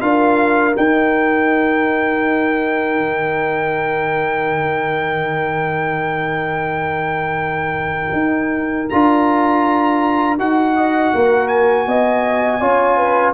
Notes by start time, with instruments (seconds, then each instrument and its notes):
0.00 tuba D4, trombone F4, horn A#4, trumpet F5
0.73 trombone D#4, tuba D#4, trumpet G5
2.98 tuba D#3
8.12 tuba D#4
8.89 tuba D4, trombone F4, trumpet A#5
10.38 tuba D#4, trombone F#4, trumpet F#5
10.75 horn D#5
11.13 tuba A#3, horn A#4
11.48 trumpet G#5
11.87 tuba B3, horn D#5
12.60 tuba C#4, trombone F4, horn C#5
12.97 horn B4